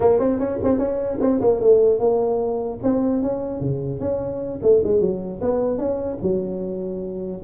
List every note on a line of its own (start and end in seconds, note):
0.00 0.19 A#3
0.19 0.39 C4
0.39 0.59 C#4
0.63 0.78 C4
0.78 1.18 C#4
1.20 1.40 C4
1.40 1.60 A#3
1.60 1.99 A3
1.99 2.79 A#3
2.83 3.22 C4
3.22 3.60 C#4
3.60 4.00 C#3
4.00 4.60 C#4
4.62 4.82 A3
4.83 5.00 G#3
5.00 5.40 F#3
5.41 5.78 B3
5.78 6.18 C#4
6.21 7.41 F#3